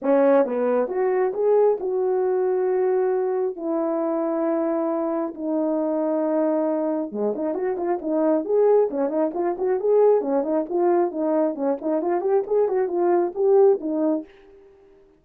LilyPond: \new Staff \with { instrumentName = "horn" } { \time 4/4 \tempo 4 = 135 cis'4 b4 fis'4 gis'4 | fis'1 | e'1 | dis'1 |
gis8 dis'8 fis'8 f'8 dis'4 gis'4 | cis'8 dis'8 f'8 fis'8 gis'4 cis'8 dis'8 | f'4 dis'4 cis'8 dis'8 f'8 g'8 | gis'8 fis'8 f'4 g'4 dis'4 | }